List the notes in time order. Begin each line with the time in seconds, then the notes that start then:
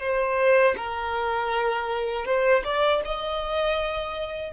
0.00 C5
0.77 A#4
2.26 C5
2.64 D5
3.05 D#5